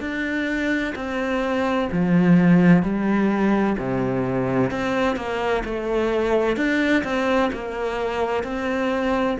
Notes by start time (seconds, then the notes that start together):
0.00 D4
0.95 C4
1.92 F3
2.83 G3
3.78 C3
4.71 C4
5.16 A#3
5.65 A3
6.57 D4
7.04 C4
7.53 A#3
8.43 C4